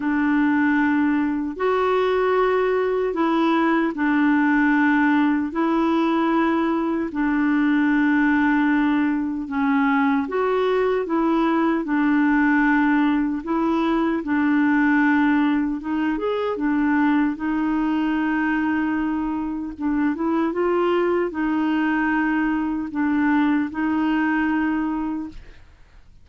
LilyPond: \new Staff \with { instrumentName = "clarinet" } { \time 4/4 \tempo 4 = 76 d'2 fis'2 | e'4 d'2 e'4~ | e'4 d'2. | cis'4 fis'4 e'4 d'4~ |
d'4 e'4 d'2 | dis'8 gis'8 d'4 dis'2~ | dis'4 d'8 e'8 f'4 dis'4~ | dis'4 d'4 dis'2 | }